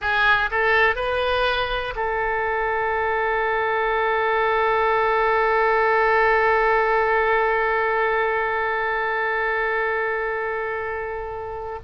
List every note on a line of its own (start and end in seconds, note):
0.00 0.50 G#4
0.50 0.95 A4
0.95 1.94 B4
1.95 11.79 A4